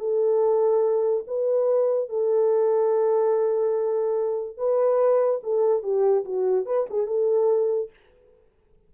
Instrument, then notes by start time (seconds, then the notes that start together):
horn
0.00 A4
1.28 B4
2.10 A4
4.58 B4
5.44 A4
5.83 G4
6.25 F#4
6.66 B4
6.91 G#4
7.07 A4